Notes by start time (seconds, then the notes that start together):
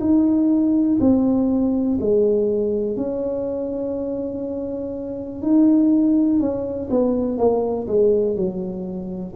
0.00 D#4
1.00 C4
2.00 G#3
2.96 C#4
5.42 D#4
6.40 C#4
6.90 B3
7.38 A#3
7.87 G#3
8.36 F#3